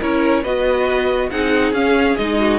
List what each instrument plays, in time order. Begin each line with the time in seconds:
0.00 cello C#4, viola E4, violin A#4 C#5
0.42 cello B3, viola F#4, violin B4 D#5
1.29 cello C4, viola D#4, violin G#4 F#5
1.72 cello C#4, viola C#4, violin F5
2.16 cello G#3, viola D#4, violin D#5
2.39 violin F#4